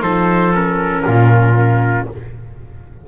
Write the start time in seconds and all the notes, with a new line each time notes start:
0.00 F3 D#4 A4 C5
0.54 C#4 A#4
1.06 A#2 F4